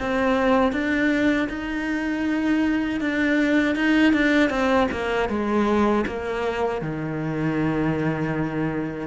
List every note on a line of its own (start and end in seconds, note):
0.00 0.73 C4
0.73 1.49 D4
1.49 3.01 D#4
3.01 3.76 D4
3.76 4.13 D#4
4.13 4.50 D4
4.50 4.88 C4
4.92 5.30 A#3
5.30 6.06 G#3
6.07 6.82 A#3
6.82 9.08 D#3